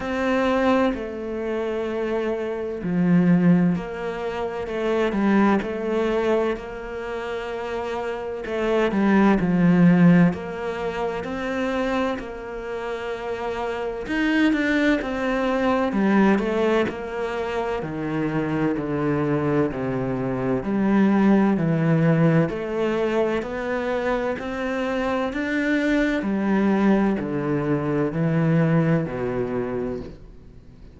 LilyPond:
\new Staff \with { instrumentName = "cello" } { \time 4/4 \tempo 4 = 64 c'4 a2 f4 | ais4 a8 g8 a4 ais4~ | ais4 a8 g8 f4 ais4 | c'4 ais2 dis'8 d'8 |
c'4 g8 a8 ais4 dis4 | d4 c4 g4 e4 | a4 b4 c'4 d'4 | g4 d4 e4 b,4 | }